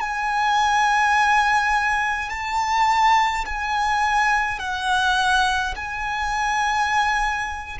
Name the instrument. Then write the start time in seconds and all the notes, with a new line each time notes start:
violin
0.00 G#5
2.30 A5
3.45 G#5
4.59 F#5
5.76 G#5